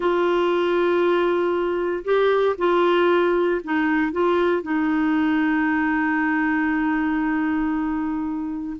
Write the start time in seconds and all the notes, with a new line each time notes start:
0.00 F4
2.04 G4
2.57 F4
3.64 D#4
4.11 F4
4.62 D#4